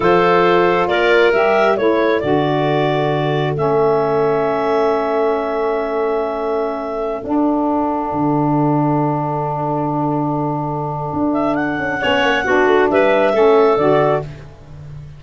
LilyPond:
<<
  \new Staff \with { instrumentName = "clarinet" } { \time 4/4 \tempo 4 = 135 c''2 d''4 e''4 | cis''4 d''2. | e''1~ | e''1~ |
e''16 fis''2.~ fis''8.~ | fis''1~ | fis''4. e''8 fis''2~ | fis''4 e''2 d''4 | }
  \new Staff \with { instrumentName = "clarinet" } { \time 4/4 a'2 ais'2 | a'1~ | a'1~ | a'1~ |
a'1~ | a'1~ | a'2. cis''4 | fis'4 b'4 a'2 | }
  \new Staff \with { instrumentName = "saxophone" } { \time 4/4 f'2. g'4 | e'4 fis'2. | cis'1~ | cis'1~ |
cis'16 d'2.~ d'8.~ | d'1~ | d'2. cis'4 | d'2 cis'4 fis'4 | }
  \new Staff \with { instrumentName = "tuba" } { \time 4/4 f2 ais4 g4 | a4 d2. | a1~ | a1~ |
a16 d'2 d4.~ d16~ | d1~ | d4 d'4. cis'8 b8 ais8 | b8 a8 g4 a4 d4 | }
>>